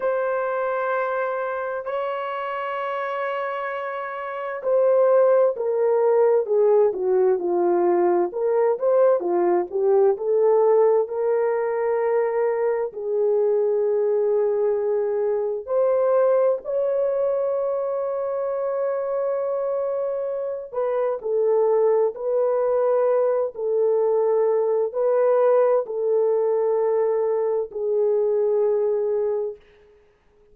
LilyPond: \new Staff \with { instrumentName = "horn" } { \time 4/4 \tempo 4 = 65 c''2 cis''2~ | cis''4 c''4 ais'4 gis'8 fis'8 | f'4 ais'8 c''8 f'8 g'8 a'4 | ais'2 gis'2~ |
gis'4 c''4 cis''2~ | cis''2~ cis''8 b'8 a'4 | b'4. a'4. b'4 | a'2 gis'2 | }